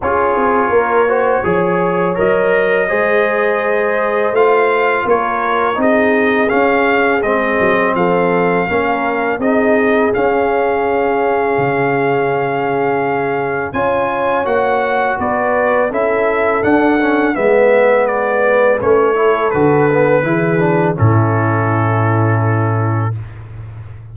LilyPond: <<
  \new Staff \with { instrumentName = "trumpet" } { \time 4/4 \tempo 4 = 83 cis''2. dis''4~ | dis''2 f''4 cis''4 | dis''4 f''4 dis''4 f''4~ | f''4 dis''4 f''2~ |
f''2. gis''4 | fis''4 d''4 e''4 fis''4 | e''4 d''4 cis''4 b'4~ | b'4 a'2. | }
  \new Staff \with { instrumentName = "horn" } { \time 4/4 gis'4 ais'8 c''8 cis''2 | c''2. ais'4 | gis'2. a'4 | ais'4 gis'2.~ |
gis'2. cis''4~ | cis''4 b'4 a'2 | b'2~ b'8 a'4. | gis'4 e'2. | }
  \new Staff \with { instrumentName = "trombone" } { \time 4/4 f'4. fis'8 gis'4 ais'4 | gis'2 f'2 | dis'4 cis'4 c'2 | cis'4 dis'4 cis'2~ |
cis'2. f'4 | fis'2 e'4 d'8 cis'8 | b2 cis'8 e'8 fis'8 b8 | e'8 d'8 cis'2. | }
  \new Staff \with { instrumentName = "tuba" } { \time 4/4 cis'8 c'8 ais4 f4 fis4 | gis2 a4 ais4 | c'4 cis'4 gis8 fis8 f4 | ais4 c'4 cis'2 |
cis2. cis'4 | ais4 b4 cis'4 d'4 | gis2 a4 d4 | e4 a,2. | }
>>